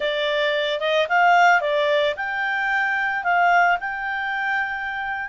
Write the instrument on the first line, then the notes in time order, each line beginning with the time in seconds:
clarinet
0.00 D5
0.80 D#5
1.08 F5
1.60 D5
2.16 G5
3.23 F5
3.80 G5